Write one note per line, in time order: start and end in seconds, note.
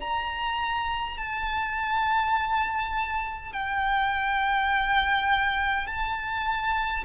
0.00 1.18 A#5
1.18 3.53 A5
3.53 5.87 G5
5.87 7.05 A5